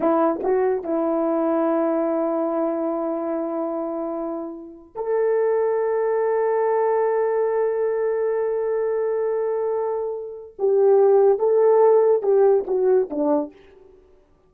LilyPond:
\new Staff \with { instrumentName = "horn" } { \time 4/4 \tempo 4 = 142 e'4 fis'4 e'2~ | e'1~ | e'2.~ e'8. a'16~ | a'1~ |
a'1~ | a'1~ | a'4 g'2 a'4~ | a'4 g'4 fis'4 d'4 | }